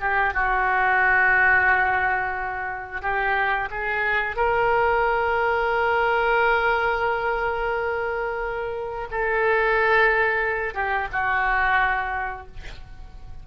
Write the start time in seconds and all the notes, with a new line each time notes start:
0.00 G4
0.34 F#4
3.02 G4
3.70 G#4
4.36 A#4
9.11 A4
10.74 G4
11.12 F#4